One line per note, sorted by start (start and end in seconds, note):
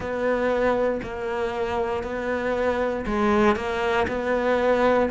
0.00 1.00 B3
1.03 2.03 A#3
2.03 3.05 B3
3.06 3.55 G#3
3.55 4.06 A#3
4.07 5.09 B3